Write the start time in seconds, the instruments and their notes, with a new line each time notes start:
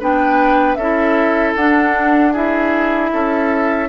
0.00 bassoon B3, clarinet D4, oboe B4, flute G5
0.75 bassoon C#4, clarinet E4, oboe A4, flute E5
1.56 bassoon D4, clarinet D4, flute F#5
2.33 clarinet E4, oboe G#4, flute E5
3.13 bassoon C#4, oboe A4